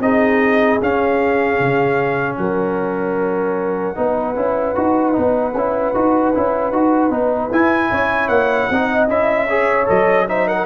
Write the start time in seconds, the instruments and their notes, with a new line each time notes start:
0.00 tuba C4, trombone D#4, horn G#4, trumpet D#5
0.81 tuba C#4, trombone C#4, trumpet F5
1.60 tuba C#3
2.37 tuba F#3, horn A#4, trumpet F#5
3.96 tuba B3, trombone D#4, horn B4
4.36 tuba C#4, trombone E4
4.76 tuba D#4, trombone F#4
5.13 tuba B3, trombone D#4
5.55 tuba C#4, trombone E4
5.95 tuba D#4, trombone F#4
6.35 tuba C#4, trombone E4
6.72 tuba D#4, trombone F#4
7.10 tuba B3, trombone D#4
7.52 tuba E4, trombone E4, trumpet G#5
7.91 tuba C#4, horn C#5
8.28 tuba A#3, trumpet F#5
8.70 tuba C4, trombone D#4, horn D#5
9.09 tuba C#4, trombone E4, trumpet E5
9.47 trombone G#4, horn C#5
9.86 tuba F#3, trombone A4, trumpet D#5
10.28 trombone D#4, horn C5, trumpet E5
10.47 horn A#4, trumpet F#5